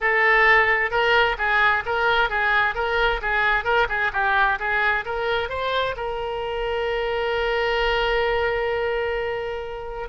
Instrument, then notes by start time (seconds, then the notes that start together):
oboe
0.00 A4
0.90 A#4
1.38 G#4
1.85 A#4
2.29 G#4
2.75 A#4
3.21 G#4
3.64 A#4
3.88 G#4
4.13 G4
4.59 G#4
5.05 A#4
5.49 C5
5.96 A#4